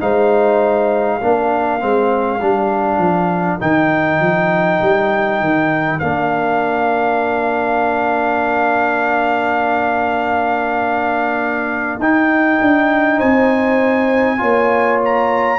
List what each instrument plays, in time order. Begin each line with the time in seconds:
0.00 tuba G#3, trombone D#4, horn C5, trumpet F5
1.20 tuba A#3, trombone D4, horn A#4
1.79 tuba G#3, trombone C4
2.41 tuba G3, trombone D4
2.98 tuba F3
3.59 tuba D#3, trombone D#4, trumpet G5
4.20 tuba F3
4.81 tuba G3
5.40 tuba D#3
5.99 tuba A#3, trombone D4, trumpet F5
11.98 tuba D#4, trombone D#4, trumpet G5
12.61 tuba D4
13.17 tuba C4, horn C5, trumpet G#5
14.37 tuba A#3, trombone F4, horn C#5
15.04 trumpet A#5